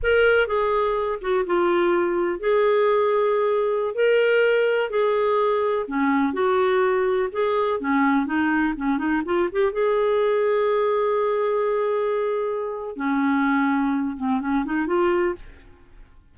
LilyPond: \new Staff \with { instrumentName = "clarinet" } { \time 4/4 \tempo 4 = 125 ais'4 gis'4. fis'8 f'4~ | f'4 gis'2.~ | gis'16 ais'2 gis'4.~ gis'16~ | gis'16 cis'4 fis'2 gis'8.~ |
gis'16 cis'4 dis'4 cis'8 dis'8 f'8 g'16~ | g'16 gis'2.~ gis'8.~ | gis'2. cis'4~ | cis'4. c'8 cis'8 dis'8 f'4 | }